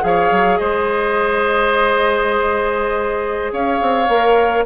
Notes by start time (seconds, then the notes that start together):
0.00 F3 G#4 F5
0.06 C#5
0.31 F#3
0.57 G#3 C5 D#5
3.52 C#4 C#5 F5
3.82 C4
4.08 A#3 A#4